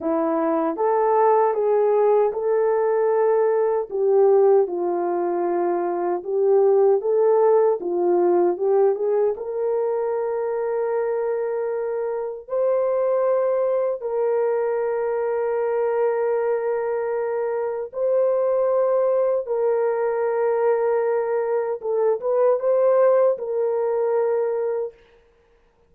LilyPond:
\new Staff \with { instrumentName = "horn" } { \time 4/4 \tempo 4 = 77 e'4 a'4 gis'4 a'4~ | a'4 g'4 f'2 | g'4 a'4 f'4 g'8 gis'8 | ais'1 |
c''2 ais'2~ | ais'2. c''4~ | c''4 ais'2. | a'8 b'8 c''4 ais'2 | }